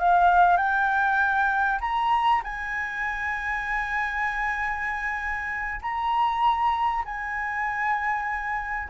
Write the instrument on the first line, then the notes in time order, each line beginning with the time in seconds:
flute
0.00 F5
0.58 G5
1.81 A#5
2.44 G#5
5.82 A#5
7.06 G#5